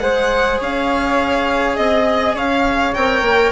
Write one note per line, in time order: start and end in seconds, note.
0.00 0.60 G#3
0.00 2.95 G#4
0.00 0.60 C5
0.00 0.59 F#5
0.60 1.78 C#4
0.60 1.77 C#5
0.60 1.76 F5
1.76 2.36 C4
1.76 2.35 D#5
1.76 2.36 D#5
2.36 2.95 C#4
2.36 3.52 C#5
2.36 2.94 F5
2.94 3.22 C4
2.94 3.52 A#4
2.94 3.52 G5
3.22 3.51 A#3